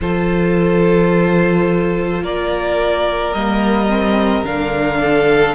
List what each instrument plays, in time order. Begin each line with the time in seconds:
0.01 cello F3, viola F4, violin A4 C5
2.22 cello A#3, violin A#4 D5
3.33 cello G3, viola A#3, violin D#5
3.89 viola C4
4.44 cello D3, viola D4, violin F5
4.99 violin A4